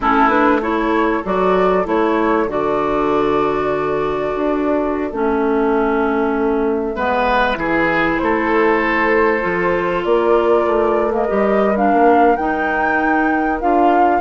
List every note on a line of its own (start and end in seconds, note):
0.00 1.21 A3
0.00 0.29 C#4
0.00 0.60 E4
0.00 0.28 A4
0.28 0.60 D4
0.28 0.59 B4
0.60 1.23 E4
0.60 6.94 A4
0.60 1.24 C#5
1.24 1.86 F#3
1.24 1.84 F#4
1.24 1.87 D5
1.84 2.47 A3
1.84 2.46 E4
1.84 2.50 C#5
2.47 4.32 D3
2.47 5.11 F#4
2.47 5.12 D5
4.35 5.12 D4
5.12 6.96 A3
5.12 6.95 C#4
5.12 8.18 E5
6.95 7.56 G#3
6.95 7.55 B3
6.95 7.57 B4
7.55 8.18 E3
7.55 9.40 E4
7.55 8.21 G#4
8.18 9.44 A3
8.18 10.07 A4
8.18 10.03 C5
9.40 10.04 F3
9.40 11.10 F4
10.04 10.66 A#3
10.04 14.20 A#4
10.04 11.12 D5
10.66 11.28 A3
11.10 11.26 A#3
11.10 11.76 D#5
11.28 11.92 G3
11.28 11.74 G4
11.75 12.37 D4
11.75 12.35 F5
11.92 12.38 A#3
12.35 13.60 D#4
12.35 13.62 D#4
12.35 13.59 G5
13.60 14.20 D4
13.60 14.20 F4
13.60 14.20 F5